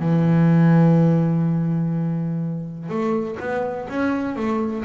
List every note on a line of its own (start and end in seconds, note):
0.00 2.89 E3
2.89 3.38 A3
3.40 3.88 B3
3.89 4.36 C#4
4.36 4.85 A3